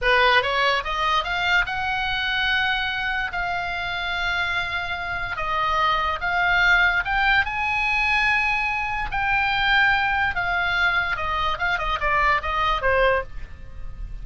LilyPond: \new Staff \with { instrumentName = "oboe" } { \time 4/4 \tempo 4 = 145 b'4 cis''4 dis''4 f''4 | fis''1 | f''1~ | f''4 dis''2 f''4~ |
f''4 g''4 gis''2~ | gis''2 g''2~ | g''4 f''2 dis''4 | f''8 dis''8 d''4 dis''4 c''4 | }